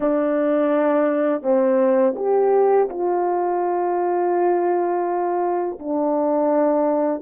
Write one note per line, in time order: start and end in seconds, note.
0.00 1.42 D4
1.42 2.14 C4
2.16 2.88 G4
2.89 5.78 F4
5.79 7.22 D4